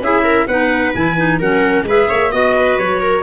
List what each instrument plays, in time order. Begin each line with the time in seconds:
0.00 tuba C#4, clarinet E4, viola G#4, trumpet E5
0.24 viola A#4
0.47 tuba B3, clarinet D#4, viola B4, trumpet F#5
0.94 tuba E3, clarinet E4, trumpet G#5
1.17 clarinet D#4
1.39 tuba F#3, clarinet C#4, viola A#4, trumpet F#5
1.83 tuba G#3, clarinet G#4, viola B4
1.89 trumpet E5
2.08 tuba A#3, viola C#5
2.31 tuba B3, clarinet F#4, viola D#5, trumpet D#5
2.56 viola B4
2.78 tuba F#3, trumpet C#5
3.01 viola A#4